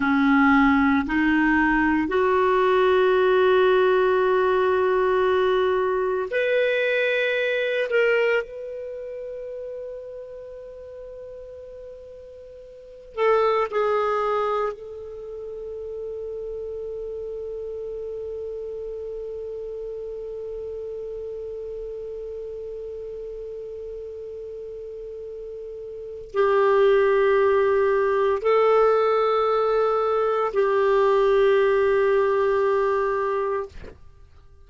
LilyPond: \new Staff \with { instrumentName = "clarinet" } { \time 4/4 \tempo 4 = 57 cis'4 dis'4 fis'2~ | fis'2 b'4. ais'8 | b'1~ | b'8 a'8 gis'4 a'2~ |
a'1~ | a'1~ | a'4 g'2 a'4~ | a'4 g'2. | }